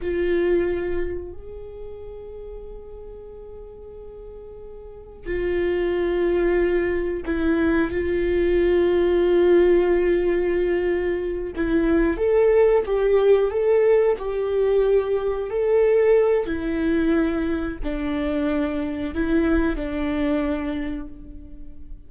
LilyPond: \new Staff \with { instrumentName = "viola" } { \time 4/4 \tempo 4 = 91 f'2 gis'2~ | gis'1 | f'2. e'4 | f'1~ |
f'4. e'4 a'4 g'8~ | g'8 a'4 g'2 a'8~ | a'4 e'2 d'4~ | d'4 e'4 d'2 | }